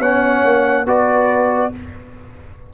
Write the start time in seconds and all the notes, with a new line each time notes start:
0.00 B3 C#4 C#5 F#5
0.44 A#3
0.86 B3 F#4 B4 D5